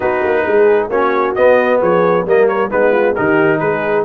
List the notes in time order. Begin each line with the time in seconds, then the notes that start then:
0.00 B3 D#4 F#4 B4
0.23 A#3
0.46 G#3 G#4
0.89 A#3 C#4 F#4 C#5
1.35 B3 D#5
1.79 F3 G#4 C#5
2.25 G3 A#3 A#4 D#5
2.47 C#5
2.70 G#3 B3 D#4 B4
2.91 F4
3.14 D#3 D#4 G4 A#4
3.59 G#3 G#4 B4